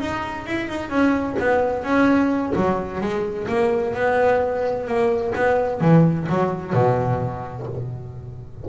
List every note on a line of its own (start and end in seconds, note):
0.00 0.46 D#4
0.46 0.68 E4
0.68 0.89 D#4
0.89 1.36 C#4
1.39 1.83 B3
1.83 2.53 C#4
2.55 3.01 F#3
3.01 3.47 G#3
3.48 3.94 A#3
3.94 4.87 B3
4.87 5.34 A#3
5.35 5.81 B3
5.81 6.27 E3
6.29 6.73 F#3
6.73 7.66 B2